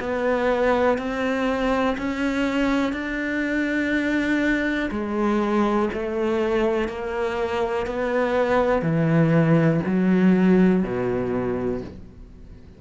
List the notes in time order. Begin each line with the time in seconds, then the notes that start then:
0.00 B3
0.98 C4
1.98 C#4
2.93 D4
4.91 G#3
5.93 A3
6.89 A#3
7.86 B3
8.82 E3
9.86 F#3
10.83 B2